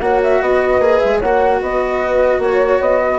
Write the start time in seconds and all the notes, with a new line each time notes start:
0.00 A#3 F#4 C#5 F#5
0.23 E5
0.41 B3 B4 D#5
0.79 A#3 G#4
0.99 G#3 E5
1.17 A#3 C#5 F#5
1.25 F#4
1.60 B3 B4 D#5
2.38 A#3 C#5
2.80 B3 D#5
3.02 B4